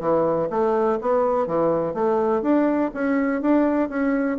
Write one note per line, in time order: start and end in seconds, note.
0.00 0.49 E3
0.50 0.98 A3
1.01 1.47 B3
1.47 1.94 E3
1.94 2.42 A3
2.42 2.91 D4
2.94 3.41 C#4
3.41 3.89 D4
3.89 4.38 C#4